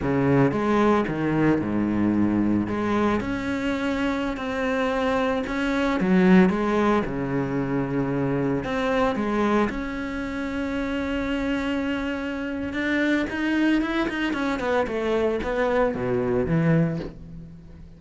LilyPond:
\new Staff \with { instrumentName = "cello" } { \time 4/4 \tempo 4 = 113 cis4 gis4 dis4 gis,4~ | gis,4 gis4 cis'2~ | cis'16 c'2 cis'4 fis8.~ | fis16 gis4 cis2~ cis8.~ |
cis16 c'4 gis4 cis'4.~ cis'16~ | cis'1 | d'4 dis'4 e'8 dis'8 cis'8 b8 | a4 b4 b,4 e4 | }